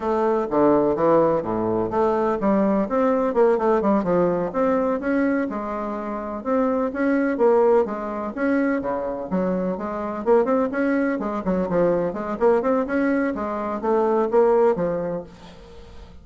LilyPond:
\new Staff \with { instrumentName = "bassoon" } { \time 4/4 \tempo 4 = 126 a4 d4 e4 a,4 | a4 g4 c'4 ais8 a8 | g8 f4 c'4 cis'4 gis8~ | gis4. c'4 cis'4 ais8~ |
ais8 gis4 cis'4 cis4 fis8~ | fis8 gis4 ais8 c'8 cis'4 gis8 | fis8 f4 gis8 ais8 c'8 cis'4 | gis4 a4 ais4 f4 | }